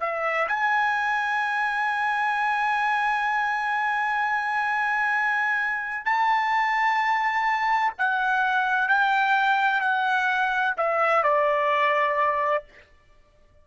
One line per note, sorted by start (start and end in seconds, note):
0.00 0.47 E5
0.48 6.05 G#5
6.05 7.93 A5
7.98 8.88 F#5
8.88 9.81 G5
9.81 10.75 F#5
10.77 11.23 E5
11.23 12.64 D5